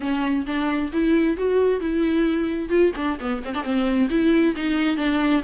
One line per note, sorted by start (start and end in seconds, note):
0.00 0.45 C#4
0.46 0.91 D4
0.92 1.37 E4
1.37 1.80 F#4
1.80 2.69 E4
2.69 2.92 F4
2.96 3.18 D4
3.20 3.42 B3
3.44 3.54 C4
3.54 3.63 D4
3.63 4.08 C4
4.09 4.55 E4
4.56 4.96 D#4
4.96 5.42 D4